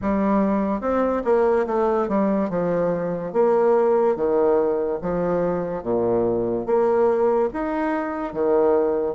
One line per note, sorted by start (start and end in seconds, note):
0.01 0.81 G3
0.81 1.22 C4
1.24 1.66 A#3
1.66 2.08 A3
2.08 2.49 G3
2.49 3.33 F3
3.33 4.16 A#3
4.16 4.99 D#3
5.02 5.83 F3
5.83 6.66 A#2
6.66 7.49 A#3
7.53 8.33 D#4
8.33 9.15 D#3